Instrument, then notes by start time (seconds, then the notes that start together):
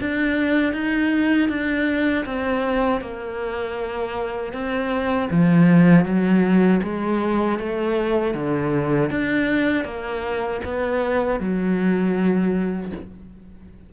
cello
0.00 D4
0.73 D#4
1.48 D4
2.25 C4
3.01 A#3
4.53 C4
5.30 F3
6.04 F#3
6.83 G#3
7.58 A3
8.34 D3
9.10 D4
9.84 A#3
10.64 B3
11.40 F#3